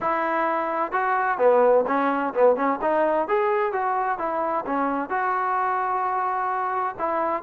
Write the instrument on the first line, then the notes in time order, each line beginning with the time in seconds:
trombone
0.00 E4
0.92 F#4
1.38 B3
1.87 C#4
2.34 B3
2.56 C#4
2.81 D#4
3.28 G#4
3.72 F#4
4.18 E4
4.66 C#4
5.09 F#4
6.98 E4